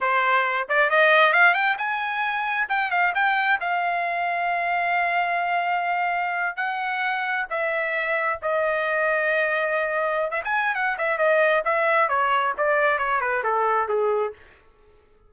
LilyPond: \new Staff \with { instrumentName = "trumpet" } { \time 4/4 \tempo 4 = 134 c''4. d''8 dis''4 f''8 g''8 | gis''2 g''8 f''8 g''4 | f''1~ | f''2~ f''8. fis''4~ fis''16~ |
fis''8. e''2 dis''4~ dis''16~ | dis''2. e''16 gis''8. | fis''8 e''8 dis''4 e''4 cis''4 | d''4 cis''8 b'8 a'4 gis'4 | }